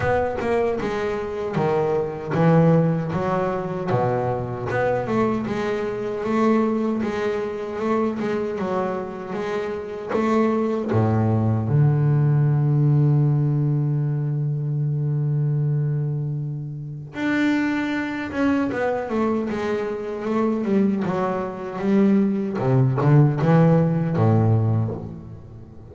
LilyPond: \new Staff \with { instrumentName = "double bass" } { \time 4/4 \tempo 4 = 77 b8 ais8 gis4 dis4 e4 | fis4 b,4 b8 a8 gis4 | a4 gis4 a8 gis8 fis4 | gis4 a4 a,4 d4~ |
d1~ | d2 d'4. cis'8 | b8 a8 gis4 a8 g8 fis4 | g4 c8 d8 e4 a,4 | }